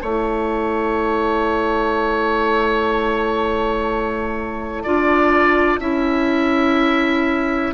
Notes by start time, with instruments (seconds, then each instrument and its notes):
0.00 bassoon A3, clarinet E4, oboe C#5, flute A5
4.83 bassoon D4, clarinet F4, oboe D5
5.80 bassoon C#4, clarinet E4, oboe E5